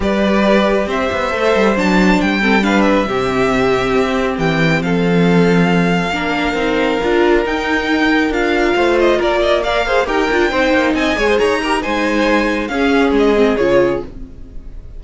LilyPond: <<
  \new Staff \with { instrumentName = "violin" } { \time 4/4 \tempo 4 = 137 d''2 e''2 | a''4 g''4 f''8 e''4.~ | e''2 g''4 f''4~ | f''1~ |
f''4 g''2 f''4~ | f''8 dis''8 d''4 f''4 g''4~ | g''4 gis''4 ais''4 gis''4~ | gis''4 f''4 dis''4 cis''4 | }
  \new Staff \with { instrumentName = "violin" } { \time 4/4 b'2 c''2~ | c''4. a'8 b'4 g'4~ | g'2. a'4~ | a'2 ais'2~ |
ais'1 | c''4 ais'8 dis''8 d''8 c''8 ais'4 | c''4 dis''8 cis''16 c''16 cis''8 ais'8 c''4~ | c''4 gis'2. | }
  \new Staff \with { instrumentName = "viola" } { \time 4/4 g'2. a'4 | d'4. c'8 d'4 c'4~ | c'1~ | c'2 d'4 dis'4 |
f'4 dis'2 f'4~ | f'2 ais'8 gis'8 g'8 f'8 | dis'4. gis'4 g'8 dis'4~ | dis'4 cis'4. c'8 f'4 | }
  \new Staff \with { instrumentName = "cello" } { \time 4/4 g2 c'8 b8 a8 g8 | fis4 g2 c4~ | c4 c'4 e4 f4~ | f2 ais4 c'4 |
d'4 dis'2 d'4 | a4 ais2 dis'8 d'8 | c'8 ais8 c'8 gis8 dis'4 gis4~ | gis4 cis'4 gis4 cis4 | }
>>